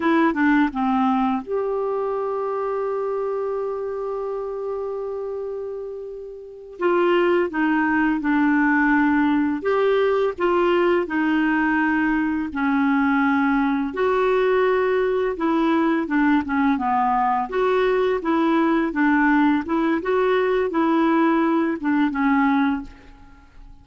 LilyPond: \new Staff \with { instrumentName = "clarinet" } { \time 4/4 \tempo 4 = 84 e'8 d'8 c'4 g'2~ | g'1~ | g'4. f'4 dis'4 d'8~ | d'4. g'4 f'4 dis'8~ |
dis'4. cis'2 fis'8~ | fis'4. e'4 d'8 cis'8 b8~ | b8 fis'4 e'4 d'4 e'8 | fis'4 e'4. d'8 cis'4 | }